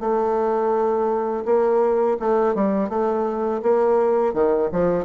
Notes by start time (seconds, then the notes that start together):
0.00 A3
1.45 A#3
2.19 A3
2.55 G3
2.89 A3
3.62 A#3
4.33 D#3
4.72 F3